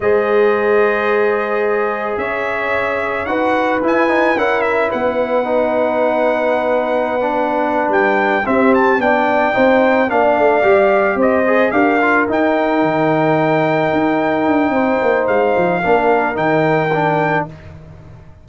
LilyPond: <<
  \new Staff \with { instrumentName = "trumpet" } { \time 4/4 \tempo 4 = 110 dis''1 | e''2 fis''4 gis''4 | fis''8 e''8 fis''2.~ | fis''2~ fis''8 g''4 e''8 |
a''8 g''2 f''4.~ | f''8 dis''4 f''4 g''4.~ | g''1 | f''2 g''2 | }
  \new Staff \with { instrumentName = "horn" } { \time 4/4 c''1 | cis''2 b'2 | ais'4 b'2.~ | b'2.~ b'8 g'8~ |
g'8 d''4 c''4 d''4.~ | d''8 c''4 ais'2~ ais'8~ | ais'2. c''4~ | c''4 ais'2. | }
  \new Staff \with { instrumentName = "trombone" } { \time 4/4 gis'1~ | gis'2 fis'4 e'8 dis'8 | e'2 dis'2~ | dis'4~ dis'16 d'2~ d'16 c'8~ |
c'8 d'4 dis'4 d'4 g'8~ | g'4 gis'8 g'8 f'8 dis'4.~ | dis'1~ | dis'4 d'4 dis'4 d'4 | }
  \new Staff \with { instrumentName = "tuba" } { \time 4/4 gis1 | cis'2 dis'4 e'4 | cis'4 b2.~ | b2~ b8 g4 c'8~ |
c'8 b4 c'4 ais8 a8 g8~ | g8 c'4 d'4 dis'4 dis8~ | dis4. dis'4 d'8 c'8 ais8 | gis8 f8 ais4 dis2 | }
>>